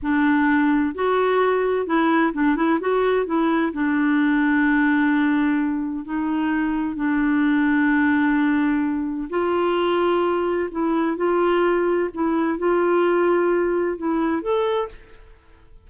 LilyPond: \new Staff \with { instrumentName = "clarinet" } { \time 4/4 \tempo 4 = 129 d'2 fis'2 | e'4 d'8 e'8 fis'4 e'4 | d'1~ | d'4 dis'2 d'4~ |
d'1 | f'2. e'4 | f'2 e'4 f'4~ | f'2 e'4 a'4 | }